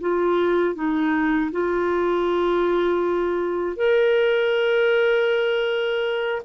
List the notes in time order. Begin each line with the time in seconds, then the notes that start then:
0.00 F4
0.75 D#4
1.51 F4
3.76 A#4